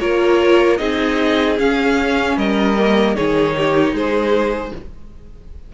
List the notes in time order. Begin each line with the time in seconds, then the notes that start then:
0.00 A#3 F4 A#4 C#5
0.78 C4 D#4 G#4 D#5
1.59 C#4 F5
2.37 G3 A#4 D#5
2.78 A#3
3.16 D#3 D#4 G#4 C#5
3.57 G4
3.93 G#3 G#4 C5